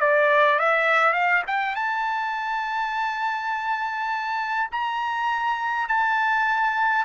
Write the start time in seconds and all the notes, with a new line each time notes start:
0.00 D5
0.59 E5
1.13 F5
1.47 G5
1.75 A5
4.71 A#5
5.88 A5